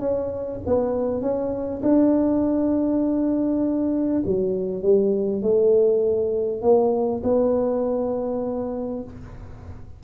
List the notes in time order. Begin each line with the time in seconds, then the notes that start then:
0.00 C#4
0.67 B3
1.22 C#4
1.83 D4
4.26 F#3
4.83 G3
5.42 A3
6.62 A#3
7.24 B3